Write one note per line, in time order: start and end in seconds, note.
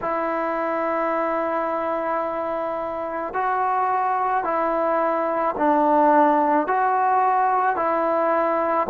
0.01 3.33 E4
3.33 4.44 F#4
4.44 5.55 E4
5.58 6.67 D4
6.67 7.76 F#4
7.76 8.87 E4